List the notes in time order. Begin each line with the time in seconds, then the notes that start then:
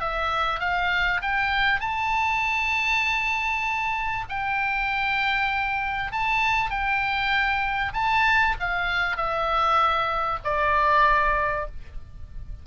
0.00 E5
0.59 F5
1.21 G5
1.79 A5
4.29 G5
6.11 A5
6.70 G5
7.93 A5
8.59 F5
9.16 E5
10.44 D5